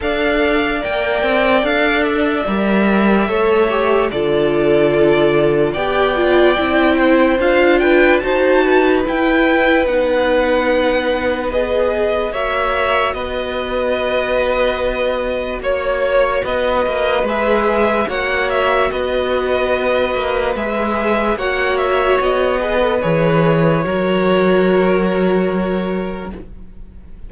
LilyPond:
<<
  \new Staff \with { instrumentName = "violin" } { \time 4/4 \tempo 4 = 73 f''4 g''4 f''8 e''4.~ | e''4 d''2 g''4~ | g''4 f''8 g''8 a''4 g''4 | fis''2 dis''4 e''4 |
dis''2. cis''4 | dis''4 e''4 fis''8 e''8 dis''4~ | dis''4 e''4 fis''8 e''8 dis''4 | cis''1 | }
  \new Staff \with { instrumentName = "violin" } { \time 4/4 d''1 | cis''4 a'2 d''4~ | d''8 c''4 b'8 c''8 b'4.~ | b'2. cis''4 |
b'2. cis''4 | b'2 cis''4 b'4~ | b'2 cis''4. b'8~ | b'4 ais'2. | }
  \new Staff \with { instrumentName = "viola" } { \time 4/4 a'4 ais'4 a'4 ais'4 | a'8 g'8 f'2 g'8 f'8 | e'4 f'4 fis'4 e'4 | dis'2 gis'4 fis'4~ |
fis'1~ | fis'4 gis'4 fis'2~ | fis'4 gis'4 fis'4. gis'16 a'16 | gis'4 fis'2. | }
  \new Staff \with { instrumentName = "cello" } { \time 4/4 d'4 ais8 c'8 d'4 g4 | a4 d2 b4 | c'4 d'4 dis'4 e'4 | b2. ais4 |
b2. ais4 | b8 ais8 gis4 ais4 b4~ | b8 ais8 gis4 ais4 b4 | e4 fis2. | }
>>